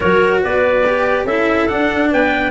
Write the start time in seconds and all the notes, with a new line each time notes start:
0.00 F#3 F#4 A#4 C#5
0.42 B3 B4 D5
0.85 G4
1.25 C#4 E4 A4 E5
1.67 D4 F#5
2.11 B3 B4 G5